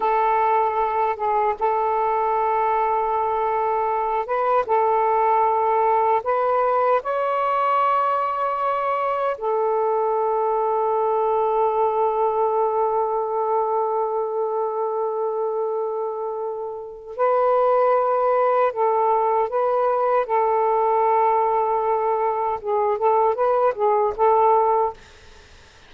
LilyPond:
\new Staff \with { instrumentName = "saxophone" } { \time 4/4 \tempo 4 = 77 a'4. gis'8 a'2~ | a'4. b'8 a'2 | b'4 cis''2. | a'1~ |
a'1~ | a'2 b'2 | a'4 b'4 a'2~ | a'4 gis'8 a'8 b'8 gis'8 a'4 | }